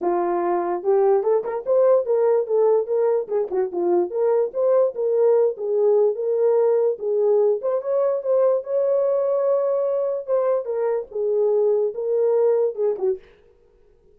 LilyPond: \new Staff \with { instrumentName = "horn" } { \time 4/4 \tempo 4 = 146 f'2 g'4 a'8 ais'8 | c''4 ais'4 a'4 ais'4 | gis'8 fis'8 f'4 ais'4 c''4 | ais'4. gis'4. ais'4~ |
ais'4 gis'4. c''8 cis''4 | c''4 cis''2.~ | cis''4 c''4 ais'4 gis'4~ | gis'4 ais'2 gis'8 fis'8 | }